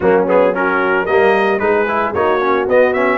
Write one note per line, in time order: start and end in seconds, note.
0.00 1.07 F#3
0.00 0.27 A#3
0.00 0.53 C#4
0.00 0.25 F#4
0.27 0.53 B3
0.27 0.54 G#4
0.53 1.07 C#4
0.53 1.05 F#4
0.53 1.06 A#4
1.05 1.60 G3
1.05 1.59 A#3
1.05 1.58 A#4
1.05 1.59 D#5
1.59 2.14 G#3
1.59 1.86 D#4
1.59 2.15 G#4
1.59 2.12 B4
1.88 2.15 E4
2.14 2.67 A#3
2.14 2.40 D#4
2.14 3.18 F#4
2.14 2.67 C#5
2.40 2.67 C#4
2.67 3.18 B3
2.67 2.95 B3
2.67 2.93 D#5
2.93 3.18 C#4
2.93 3.18 E5